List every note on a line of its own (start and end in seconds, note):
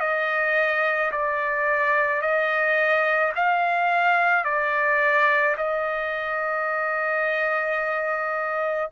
0.00 1.11 D#5
1.12 2.21 D5
2.21 3.32 D#5
3.35 4.44 F5
4.44 5.56 D5
5.57 8.90 D#5